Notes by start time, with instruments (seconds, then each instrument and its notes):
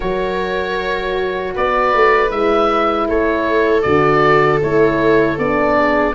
0.00 tuba F#3, horn F#4, viola A#4, oboe C#5
1.54 tuba B3, viola B4, oboe D5
1.94 tuba A3
2.30 tuba G#3, horn E4, oboe E5
3.08 tuba A3, viola A4, oboe C#5
3.82 tuba D3, horn F#4, oboe D5
4.61 tuba A3, horn E4, oboe C#5
5.38 tuba B3, horn D4, oboe D5
5.76 viola G#4